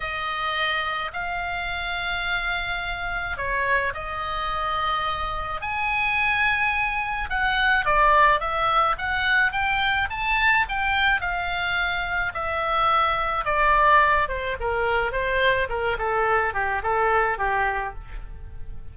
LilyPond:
\new Staff \with { instrumentName = "oboe" } { \time 4/4 \tempo 4 = 107 dis''2 f''2~ | f''2 cis''4 dis''4~ | dis''2 gis''2~ | gis''4 fis''4 d''4 e''4 |
fis''4 g''4 a''4 g''4 | f''2 e''2 | d''4. c''8 ais'4 c''4 | ais'8 a'4 g'8 a'4 g'4 | }